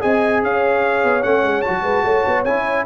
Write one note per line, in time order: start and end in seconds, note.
0.00 0.43 C4
0.00 1.22 G#4
0.00 0.41 D#5
0.00 0.42 G#5
0.43 1.03 C#4
0.43 1.82 C#5
0.43 1.22 F5
1.03 1.24 B3
1.22 1.42 A3
1.22 1.63 C#4
1.22 1.61 F#5
1.42 1.63 G#3
1.61 2.46 F#4
1.61 2.43 A5
1.69 1.83 F#3
1.82 2.03 G#3
1.82 2.02 B4
2.03 2.24 A3
2.03 2.86 C#5
2.26 2.45 B3
2.44 2.85 C#4
2.44 2.86 E4
2.44 2.85 G#5